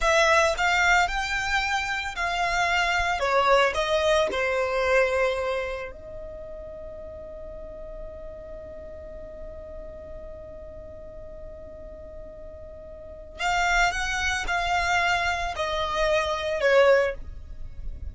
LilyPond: \new Staff \with { instrumentName = "violin" } { \time 4/4 \tempo 4 = 112 e''4 f''4 g''2 | f''2 cis''4 dis''4 | c''2. dis''4~ | dis''1~ |
dis''1~ | dis''1~ | dis''4 f''4 fis''4 f''4~ | f''4 dis''2 cis''4 | }